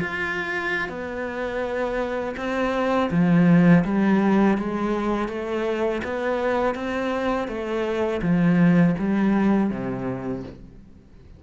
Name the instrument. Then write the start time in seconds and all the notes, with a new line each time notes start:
cello
0.00 F4
0.89 B3
2.37 C4
3.11 F3
3.84 G3
4.57 G#3
5.28 A3
6.04 B3
6.74 C4
7.48 A3
8.22 F3
8.98 G3
9.70 C3